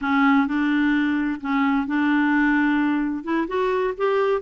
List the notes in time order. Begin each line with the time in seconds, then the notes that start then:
0.01 C#4
0.47 D4
1.40 C#4
1.86 D4
3.24 E4
3.47 F#4
3.97 G4